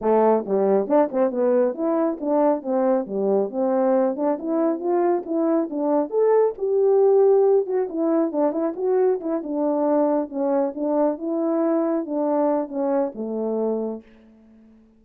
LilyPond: \new Staff \with { instrumentName = "horn" } { \time 4/4 \tempo 4 = 137 a4 g4 d'8 c'8 b4 | e'4 d'4 c'4 g4 | c'4. d'8 e'4 f'4 | e'4 d'4 a'4 g'4~ |
g'4. fis'8 e'4 d'8 e'8 | fis'4 e'8 d'2 cis'8~ | cis'8 d'4 e'2 d'8~ | d'4 cis'4 a2 | }